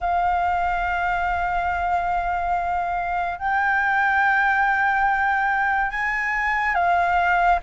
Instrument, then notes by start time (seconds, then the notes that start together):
flute
0.00 F5
3.38 G5
5.90 G#5
6.75 F5